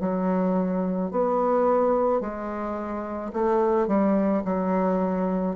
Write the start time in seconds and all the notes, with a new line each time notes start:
0.00 F#3
1.11 B3
2.21 G#3
3.33 A3
3.87 G3
4.45 F#3